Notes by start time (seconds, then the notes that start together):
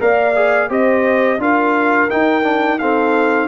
0.00 A#3 A#4 D5 F5
0.35 G#4
0.69 C4 G4 C5 D#5
1.39 D4 F4 A#4 F5
2.10 D#4 G5
2.43 D4
2.79 C4 A4 F5